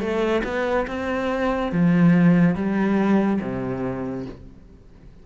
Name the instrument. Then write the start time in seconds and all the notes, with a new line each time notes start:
cello
0.00 A3
0.44 B3
0.88 C4
1.72 F3
2.55 G3
3.41 C3